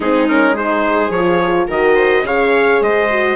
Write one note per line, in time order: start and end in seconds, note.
0.00 1.09 G#3
0.00 0.28 C4
0.00 0.53 D#4
0.00 0.28 G#4
0.28 0.56 C#4
0.28 0.56 A#4
0.53 1.12 D#4
0.53 1.65 G#4
0.53 1.11 C5
1.09 1.65 F3
1.09 1.69 F4
1.09 1.67 C#5
1.67 2.22 D#3
1.67 2.25 F#4
1.67 1.95 A#4
1.67 2.26 D#5
1.95 2.23 C5
2.22 2.79 C#3
2.22 3.09 G#4
2.22 2.83 C#5
2.22 2.82 F5
2.80 3.35 G#3
2.80 3.35 C5
2.80 3.35 D#5
3.09 3.35 F#4